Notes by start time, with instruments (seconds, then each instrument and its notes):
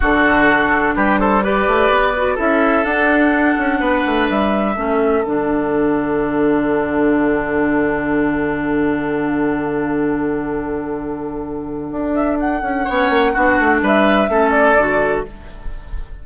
0.00 bassoon D3, clarinet D4, oboe F#4, flute A4
0.95 bassoon G3, oboe G4, flute B4
1.19 oboe A4, flute C5
1.43 clarinet G4, oboe B4, flute D5
1.67 bassoon A3
1.89 bassoon B3
2.16 clarinet F#4
2.34 bassoon C#4, clarinet E4, oboe A4, flute E5
2.84 bassoon D4, clarinet D4, flute F#5
3.57 bassoon C#4
3.80 bassoon B3, oboe B4
4.06 bassoon A3
4.29 bassoon G3, flute E5
4.75 bassoon A3, clarinet C#4, oboe A4
5.24 bassoon D3, clarinet D4, flute F#5
11.91 bassoon D4
12.14 flute E5
12.39 flute F#5
12.62 bassoon C#4
12.84 bassoon B3, clarinet C#4, oboe C#5
13.09 bassoon A#3
13.33 bassoon B3, clarinet D4, oboe F#4
13.59 bassoon A3
13.81 bassoon G3, oboe B4, flute E5
14.28 bassoon A3, clarinet C#4, oboe A4
14.50 flute D5
14.76 bassoon D3, clarinet F#4